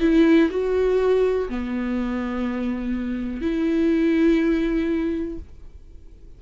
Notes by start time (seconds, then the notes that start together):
0.00 E4
0.51 F#4
1.49 B3
3.42 E4